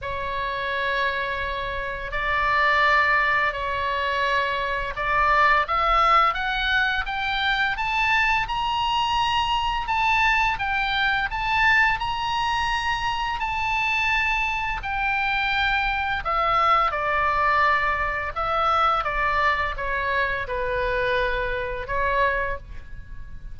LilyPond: \new Staff \with { instrumentName = "oboe" } { \time 4/4 \tempo 4 = 85 cis''2. d''4~ | d''4 cis''2 d''4 | e''4 fis''4 g''4 a''4 | ais''2 a''4 g''4 |
a''4 ais''2 a''4~ | a''4 g''2 e''4 | d''2 e''4 d''4 | cis''4 b'2 cis''4 | }